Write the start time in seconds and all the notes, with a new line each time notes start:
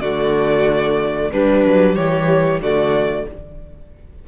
0.00 D3 A3 F#4 D5
1.31 G3 D4 B4
1.66 F#3
1.96 E3 G4 C#5
2.61 D3 A3 F#4 D5